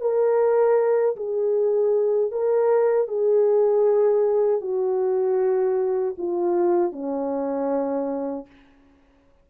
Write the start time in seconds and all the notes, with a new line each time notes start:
0.00 A#4
1.16 G#4
2.31 A#4
3.07 G#4
4.60 F#4
6.17 F4
6.92 C#4